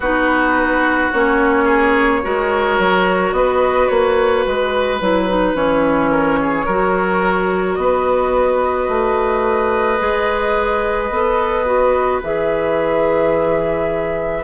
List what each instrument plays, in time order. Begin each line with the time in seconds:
0.00 bassoon B3, clarinet D#4, oboe F#4, flute B4
1.12 bassoon A#3, clarinet C#4, flute C#5
1.64 oboe G#4
2.22 bassoon G#3, clarinet F#4, oboe A#4
2.78 bassoon F#3
3.31 bassoon B3, oboe B4, flute D#5
3.88 bassoon A#3, flute C#5
4.46 bassoon G#3, flute B4
5.00 bassoon F#3, clarinet E4
5.28 clarinet D#4
5.54 bassoon E3, clarinet C#4, flute C#5
6.11 oboe A#4
6.41 oboe G#4
6.65 bassoon F#3, clarinet F#4, oboe A#4
7.75 bassoon B3, oboe B4, flute D#5
8.88 bassoon A3
9.99 bassoon G#3, clarinet G#4
11.09 bassoon B3, clarinet A4
11.65 clarinet F#4
12.23 bassoon E3, clarinet G#4, flute E5